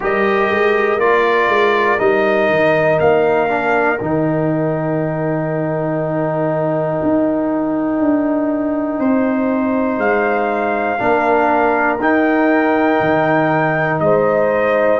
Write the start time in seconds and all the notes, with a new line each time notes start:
0.00 G3 G4 A#4 D#5
0.50 G#3
0.98 A#3 F4 D5
1.48 G#3
1.98 G3 D#4 D#5
2.49 D#3
2.99 A#3 F5
3.48 D4
3.99 D#3 D#4 G5
7.02 D#4
7.99 D4
8.99 C4 C5
9.97 G#3 F5
10.98 A#3 D4 A#4
11.99 D#4 G5
13.00 D#3
14.00 G#3 C5 D#5